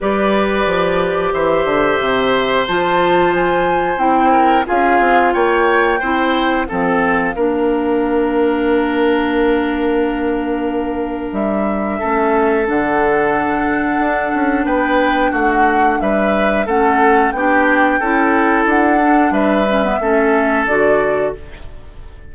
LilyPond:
<<
  \new Staff \with { instrumentName = "flute" } { \time 4/4 \tempo 4 = 90 d''2 e''2 | a''4 gis''4 g''4 f''4 | g''2 f''2~ | f''1~ |
f''4 e''2 fis''4~ | fis''2 g''4 fis''4 | e''4 fis''4 g''2 | fis''4 e''2 d''4 | }
  \new Staff \with { instrumentName = "oboe" } { \time 4/4 b'2 c''2~ | c''2~ c''8 ais'8 gis'4 | cis''4 c''4 a'4 ais'4~ | ais'1~ |
ais'2 a'2~ | a'2 b'4 fis'4 | b'4 a'4 g'4 a'4~ | a'4 b'4 a'2 | }
  \new Staff \with { instrumentName = "clarinet" } { \time 4/4 g'1 | f'2 e'4 f'4~ | f'4 e'4 c'4 d'4~ | d'1~ |
d'2 cis'4 d'4~ | d'1~ | d'4 cis'4 d'4 e'4~ | e'8 d'4 cis'16 b16 cis'4 fis'4 | }
  \new Staff \with { instrumentName = "bassoon" } { \time 4/4 g4 f4 e8 d8 c4 | f2 c'4 cis'8 c'8 | ais4 c'4 f4 ais4~ | ais1~ |
ais4 g4 a4 d4~ | d4 d'8 cis'8 b4 a4 | g4 a4 b4 cis'4 | d'4 g4 a4 d4 | }
>>